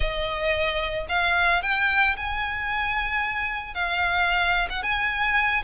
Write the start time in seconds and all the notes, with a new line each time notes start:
0.00 D#5
1.09 F5
1.62 G5
2.16 G#5
3.74 F5
4.69 F#5
4.82 G#5